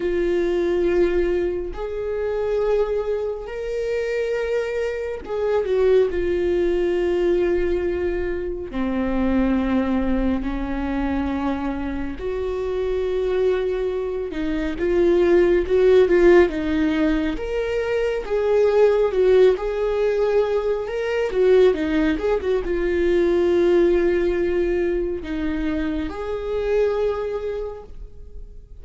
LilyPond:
\new Staff \with { instrumentName = "viola" } { \time 4/4 \tempo 4 = 69 f'2 gis'2 | ais'2 gis'8 fis'8 f'4~ | f'2 c'2 | cis'2 fis'2~ |
fis'8 dis'8 f'4 fis'8 f'8 dis'4 | ais'4 gis'4 fis'8 gis'4. | ais'8 fis'8 dis'8 gis'16 fis'16 f'2~ | f'4 dis'4 gis'2 | }